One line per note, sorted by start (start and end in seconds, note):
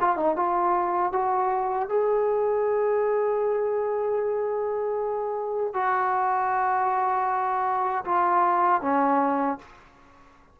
0.00 0.16 F4
0.16 0.36 D#4
0.36 1.12 F4
1.12 1.88 F#4
1.88 5.73 G#4
5.73 8.04 F#4
8.05 8.81 F4
8.81 9.58 C#4